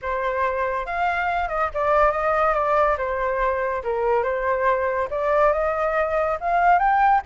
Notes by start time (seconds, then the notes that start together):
0.02 C5
0.86 F5
1.48 D#5
1.74 D5
2.11 D#5
2.54 D5
2.97 C5
3.83 A#4
4.23 C5
5.10 D5
5.52 D#5
6.40 F5
6.79 G5